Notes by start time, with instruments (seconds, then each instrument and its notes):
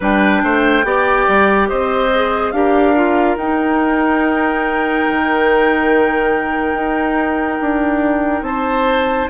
0.00 bassoon G3, clarinet D4, oboe B4, flute G5
0.43 bassoon A3, oboe C5
0.83 bassoon B3, clarinet G4, oboe D5
1.27 bassoon G3
1.68 bassoon C4, oboe C5, flute D#5
2.14 clarinet G#4
2.51 bassoon D4, clarinet G4, oboe A#4, flute F5
2.95 clarinet F4
3.36 bassoon D#4, clarinet D#4, flute G5
5.08 bassoon D#3
6.74 bassoon D#4
7.61 bassoon D4
8.42 bassoon C4, oboe C5, flute A5